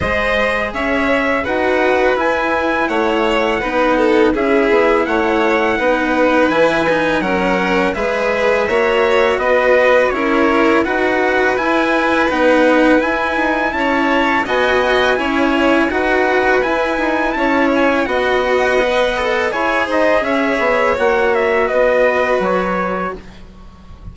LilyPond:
<<
  \new Staff \with { instrumentName = "trumpet" } { \time 4/4 \tempo 4 = 83 dis''4 e''4 fis''4 gis''4 | fis''2 e''4 fis''4~ | fis''4 gis''4 fis''4 e''4~ | e''4 dis''4 cis''4 fis''4 |
gis''4 fis''4 gis''4 a''4 | gis''2 fis''4 gis''4 | a''8 gis''8 fis''2 gis''8 dis''8 | e''4 fis''8 e''8 dis''4 cis''4 | }
  \new Staff \with { instrumentName = "violin" } { \time 4/4 c''4 cis''4 b'2 | cis''4 b'8 a'8 gis'4 cis''4 | b'2 ais'4 b'4 | cis''4 b'4 ais'4 b'4~ |
b'2. cis''4 | dis''4 cis''4 b'2 | cis''4 dis''2 cis''8 c''8 | cis''2 b'2 | }
  \new Staff \with { instrumentName = "cello" } { \time 4/4 gis'2 fis'4 e'4~ | e'4 dis'4 e'2 | dis'4 e'8 dis'8 cis'4 gis'4 | fis'2 e'4 fis'4 |
e'4 dis'4 e'2 | fis'4 e'4 fis'4 e'4~ | e'4 fis'4 b'8 a'8 gis'4~ | gis'4 fis'2. | }
  \new Staff \with { instrumentName = "bassoon" } { \time 4/4 gis4 cis'4 dis'4 e'4 | a4 b4 cis'8 b8 a4 | b4 e4 fis4 gis4 | ais4 b4 cis'4 dis'4 |
e'4 b4 e'8 dis'8 cis'4 | b4 cis'4 dis'4 e'8 dis'8 | cis'4 b2 e'8 dis'8 | cis'8 b8 ais4 b4 fis4 | }
>>